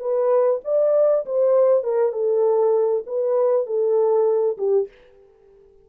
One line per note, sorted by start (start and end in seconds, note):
0.00 0.61 B4
0.65 1.26 D5
1.26 1.84 C5
1.84 2.13 A#4
2.13 3.04 A4
3.07 3.67 B4
3.67 4.58 A4
4.58 4.88 G4